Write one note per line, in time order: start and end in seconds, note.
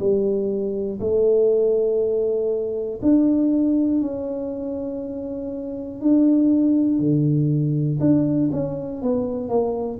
0.00 1.00 G3
1.01 3.01 A3
3.03 4.02 D4
4.02 6.02 C#4
6.02 7.00 D4
7.00 8.00 D3
8.00 8.50 D4
8.52 9.02 C#4
9.02 9.50 B3
9.50 10.00 A#3